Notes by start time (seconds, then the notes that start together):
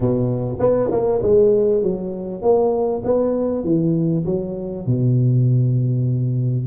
0.00 B2
0.59 B3
0.91 A#3
1.22 G#3
1.83 F#3
2.41 A#3
3.04 B3
3.64 E3
4.25 F#3
4.86 B2